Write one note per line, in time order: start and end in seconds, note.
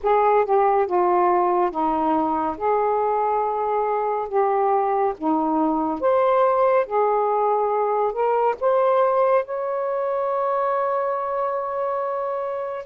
0.02 0.45 G#4
0.45 0.86 G4
0.86 1.71 F4
1.71 2.56 D#4
2.57 4.28 G#4
4.28 5.14 G4
5.17 6.00 D#4
6.00 6.86 C5
6.86 8.12 G#4
8.12 8.55 A#4
8.60 9.44 C5
9.44 12.85 C#5